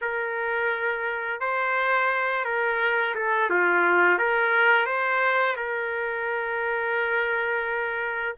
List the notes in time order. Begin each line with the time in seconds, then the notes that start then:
0.01 A#4
1.40 C5
2.45 A#4
3.15 A4
3.49 F4
4.18 A#4
4.86 C5
5.56 A#4